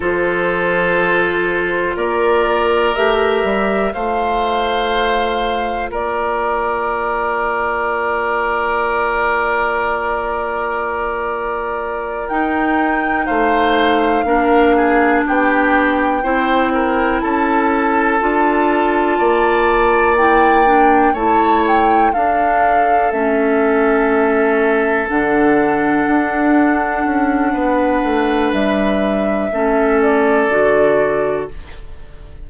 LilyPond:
<<
  \new Staff \with { instrumentName = "flute" } { \time 4/4 \tempo 4 = 61 c''2 d''4 e''4 | f''2 d''2~ | d''1~ | d''8 g''4 f''2 g''8~ |
g''4. a''2~ a''8~ | a''8 g''4 a''8 g''8 f''4 e''8~ | e''4. fis''2~ fis''8~ | fis''4 e''4. d''4. | }
  \new Staff \with { instrumentName = "oboe" } { \time 4/4 a'2 ais'2 | c''2 ais'2~ | ais'1~ | ais'4. c''4 ais'8 gis'8 g'8~ |
g'8 c''8 ais'8 a'2 d''8~ | d''4. cis''4 a'4.~ | a'1 | b'2 a'2 | }
  \new Staff \with { instrumentName = "clarinet" } { \time 4/4 f'2. g'4 | f'1~ | f'1~ | f'8 dis'2 d'4.~ |
d'8 e'2 f'4.~ | f'8 e'8 d'8 e'4 d'4 cis'8~ | cis'4. d'2~ d'8~ | d'2 cis'4 fis'4 | }
  \new Staff \with { instrumentName = "bassoon" } { \time 4/4 f2 ais4 a8 g8 | a2 ais2~ | ais1~ | ais8 dis'4 a4 ais4 b8~ |
b8 c'4 cis'4 d'4 ais8~ | ais4. a4 d'4 a8~ | a4. d4 d'4 cis'8 | b8 a8 g4 a4 d4 | }
>>